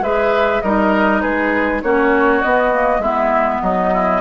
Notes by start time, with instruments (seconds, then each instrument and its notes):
0.00 bassoon G#3, clarinet G#4, oboe B4, flute E5
0.61 bassoon G3, clarinet D#4, oboe A#4, flute D#5
1.21 bassoon G#3, oboe G#4, flute B4
1.82 bassoon A#3, clarinet C#4, oboe F#4, flute C#5
2.41 clarinet B3, bassoon B3, flute D#5
2.71 clarinet A#3
2.98 bassoon G#3, clarinet B3, oboe E4, flute E5
3.62 bassoon F#3, oboe D#4, flute D#5
3.93 oboe E4